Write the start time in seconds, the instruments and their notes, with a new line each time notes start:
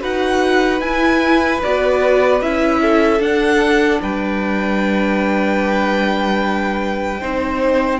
0.00 cello D#4, viola F#4, violin B4 F#5
0.81 cello E4, viola E4, violin G#5
1.63 cello B3, viola F#4, violin D5
2.41 cello C#4, viola E4, violin E5
2.82 violin A4
3.20 viola D4, cello D4, violin F#5
4.02 cello G3, violin B4 G5
7.20 cello C4, viola D#4, violin C5